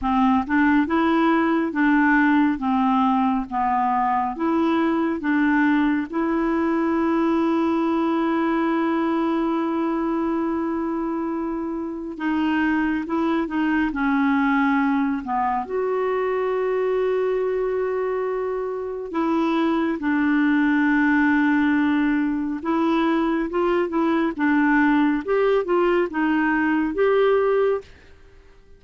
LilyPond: \new Staff \with { instrumentName = "clarinet" } { \time 4/4 \tempo 4 = 69 c'8 d'8 e'4 d'4 c'4 | b4 e'4 d'4 e'4~ | e'1~ | e'2 dis'4 e'8 dis'8 |
cis'4. b8 fis'2~ | fis'2 e'4 d'4~ | d'2 e'4 f'8 e'8 | d'4 g'8 f'8 dis'4 g'4 | }